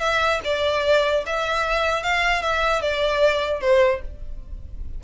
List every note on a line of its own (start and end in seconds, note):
0.00 0.40 E5
0.44 1.24 D5
1.26 2.03 E5
2.03 2.42 F5
2.42 2.81 E5
2.81 3.61 D5
3.61 4.01 C5